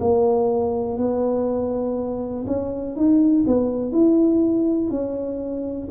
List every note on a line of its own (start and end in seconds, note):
0.00 0.97 A#3
0.97 2.45 B3
2.46 2.96 C#4
2.96 3.45 D#4
3.46 3.92 B3
3.92 4.90 E4
4.90 5.88 C#4